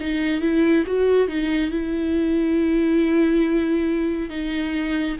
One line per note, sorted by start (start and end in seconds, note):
0.00 0.41 D#4
0.41 0.85 E4
0.87 1.28 F#4
1.28 1.70 D#4
1.70 4.30 E4
4.30 5.17 D#4